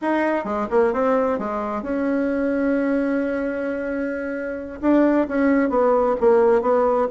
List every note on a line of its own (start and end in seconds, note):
0.01 0.44 D#4
0.44 0.67 G#3
0.70 0.93 A#3
0.93 1.38 C4
1.38 1.82 G#3
1.82 4.80 C#4
4.81 5.27 D4
5.28 5.69 C#4
5.69 6.15 B3
6.20 6.61 A#3
6.61 7.07 B3